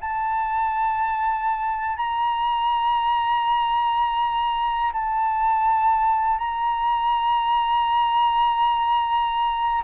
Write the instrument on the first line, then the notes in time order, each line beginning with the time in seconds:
flute
0.00 A5
1.97 A#5
4.92 A5
6.38 A#5